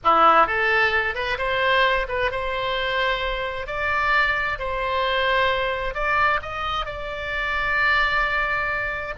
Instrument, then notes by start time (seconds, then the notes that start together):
oboe
0.04 E4
0.46 A4
1.15 B4
1.37 C5
2.08 B4
2.31 C5
3.66 D5
4.58 C5
5.94 D5
6.42 D#5
6.85 D5